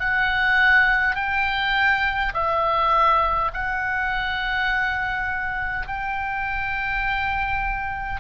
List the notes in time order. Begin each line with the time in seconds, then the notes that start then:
0.00 F#5
1.16 G5
2.34 E5
3.54 F#5
5.88 G5